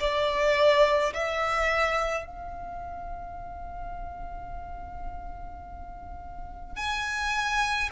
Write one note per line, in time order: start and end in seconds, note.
0.00 1.13 D5
1.14 2.25 E5
2.25 6.77 F5
6.77 7.90 G#5